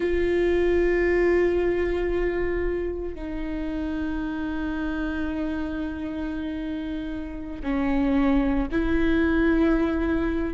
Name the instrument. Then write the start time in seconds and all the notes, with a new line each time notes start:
viola
0.00 F4
3.14 D#4
7.63 C#4
8.71 E4